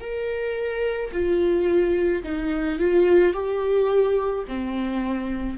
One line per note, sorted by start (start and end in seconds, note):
0.00 1.11 A#4
1.12 2.23 F4
2.23 2.79 D#4
2.79 3.33 F4
3.33 4.44 G4
4.47 5.57 C4